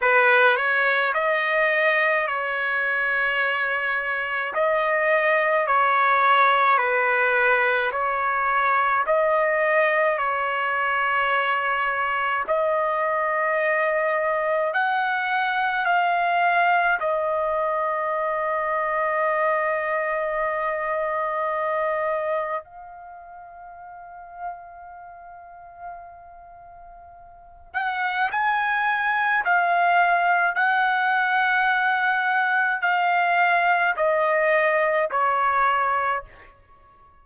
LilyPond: \new Staff \with { instrumentName = "trumpet" } { \time 4/4 \tempo 4 = 53 b'8 cis''8 dis''4 cis''2 | dis''4 cis''4 b'4 cis''4 | dis''4 cis''2 dis''4~ | dis''4 fis''4 f''4 dis''4~ |
dis''1 | f''1~ | f''8 fis''8 gis''4 f''4 fis''4~ | fis''4 f''4 dis''4 cis''4 | }